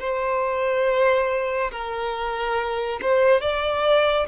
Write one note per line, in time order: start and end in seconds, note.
0.00 1.71 C5
1.71 3.00 A#4
3.02 3.41 C5
3.41 4.27 D5